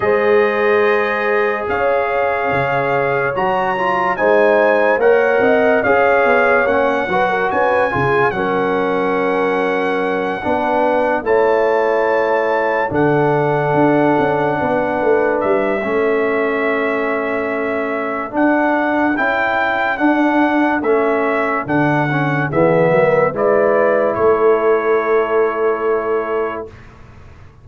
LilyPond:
<<
  \new Staff \with { instrumentName = "trumpet" } { \time 4/4 \tempo 4 = 72 dis''2 f''2 | ais''4 gis''4 fis''4 f''4 | fis''4 gis''4 fis''2~ | fis''4. a''2 fis''8~ |
fis''2~ fis''8 e''4.~ | e''2 fis''4 g''4 | fis''4 e''4 fis''4 e''4 | d''4 cis''2. | }
  \new Staff \with { instrumentName = "horn" } { \time 4/4 c''2 cis''2~ | cis''4 c''4 cis''8 dis''8 cis''4~ | cis''8 b'16 ais'16 b'8 gis'8 ais'2~ | ais'8 b'4 cis''2 a'8~ |
a'4. b'4. a'4~ | a'1~ | a'2. gis'8 ais'8 | b'4 a'2. | }
  \new Staff \with { instrumentName = "trombone" } { \time 4/4 gis'1 | fis'8 f'8 dis'4 ais'4 gis'4 | cis'8 fis'4 f'8 cis'2~ | cis'8 d'4 e'2 d'8~ |
d'2. cis'4~ | cis'2 d'4 e'4 | d'4 cis'4 d'8 cis'8 b4 | e'1 | }
  \new Staff \with { instrumentName = "tuba" } { \time 4/4 gis2 cis'4 cis4 | fis4 gis4 ais8 c'8 cis'8 b8 | ais8 fis8 cis'8 cis8 fis2~ | fis8 b4 a2 d8~ |
d8 d'8 cis'8 b8 a8 g8 a4~ | a2 d'4 cis'4 | d'4 a4 d4 e8 fis8 | gis4 a2. | }
>>